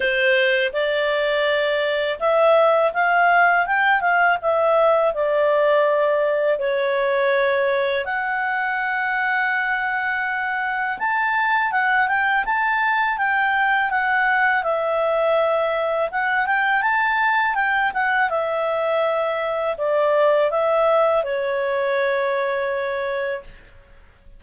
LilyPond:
\new Staff \with { instrumentName = "clarinet" } { \time 4/4 \tempo 4 = 82 c''4 d''2 e''4 | f''4 g''8 f''8 e''4 d''4~ | d''4 cis''2 fis''4~ | fis''2. a''4 |
fis''8 g''8 a''4 g''4 fis''4 | e''2 fis''8 g''8 a''4 | g''8 fis''8 e''2 d''4 | e''4 cis''2. | }